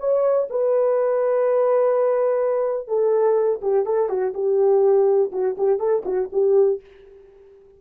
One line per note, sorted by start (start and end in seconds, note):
0.00 0.48 C#5
0.50 2.88 B4
2.88 3.60 A4
3.62 3.86 G4
3.86 4.09 A4
4.09 4.34 F#4
4.34 5.31 G4
5.32 5.56 F#4
5.58 5.79 G4
5.79 6.03 A4
6.05 6.29 F#4
6.32 6.81 G4